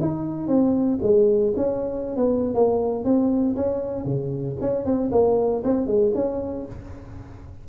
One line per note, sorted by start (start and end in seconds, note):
0.00 0.47 D#4
0.47 0.98 C4
1.02 1.53 G#3
1.56 2.16 C#4
2.16 2.54 B3
2.54 3.04 A#3
3.04 3.55 C4
3.56 4.04 C#4
4.04 4.56 C#3
4.61 4.85 C#4
4.85 5.10 C4
5.11 5.63 A#3
5.64 5.86 C4
5.86 6.12 G#3
6.14 6.65 C#4